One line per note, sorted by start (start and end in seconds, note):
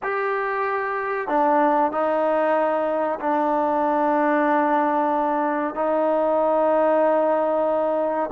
0.03 1.28 G4
1.28 1.91 D4
1.91 3.19 D#4
3.20 5.74 D4
5.74 8.30 D#4